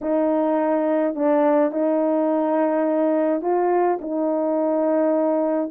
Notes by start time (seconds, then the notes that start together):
0.01 D#4
1.15 D4
1.71 D#4
3.41 F4
4.01 D#4